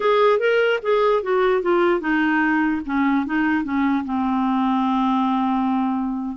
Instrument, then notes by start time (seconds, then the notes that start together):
clarinet
0.00 G#4
0.39 A#4
0.82 G#4
1.22 F#4
1.62 F4
2.00 D#4
2.85 C#4
3.26 D#4
3.64 C#4
4.04 C4